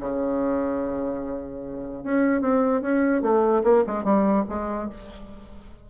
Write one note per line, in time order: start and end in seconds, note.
0.00 2.04 C#3
2.04 2.41 C#4
2.41 2.82 C4
2.82 3.22 C#4
3.22 3.63 A3
3.64 3.84 A#3
3.87 4.04 G#3
4.04 4.45 G3
4.49 4.90 G#3